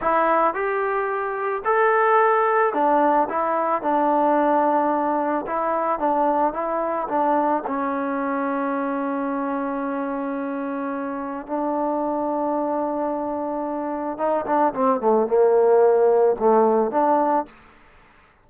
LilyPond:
\new Staff \with { instrumentName = "trombone" } { \time 4/4 \tempo 4 = 110 e'4 g'2 a'4~ | a'4 d'4 e'4 d'4~ | d'2 e'4 d'4 | e'4 d'4 cis'2~ |
cis'1~ | cis'4 d'2.~ | d'2 dis'8 d'8 c'8 a8 | ais2 a4 d'4 | }